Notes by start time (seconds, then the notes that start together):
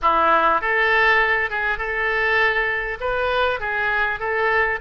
0.01 E4
0.61 A4
1.49 G#4
1.78 A4
3.00 B4
3.59 G#4
4.19 A4